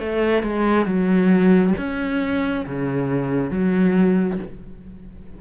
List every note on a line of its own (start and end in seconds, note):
0.00 0.43 A3
0.43 0.86 G#3
0.86 1.74 F#3
1.78 2.66 C#4
2.66 3.51 C#3
3.51 4.39 F#3